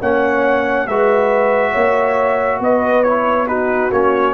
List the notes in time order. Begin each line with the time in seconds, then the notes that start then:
0.00 A#3 C#4 C#5 F#5
0.87 G#3 F#4 B4 E5
1.71 A#3 C#5
2.60 B3 B4 D#5
3.03 E4 C#5
3.47 D#4 F#4 B4
3.91 A#3 C#4 C#5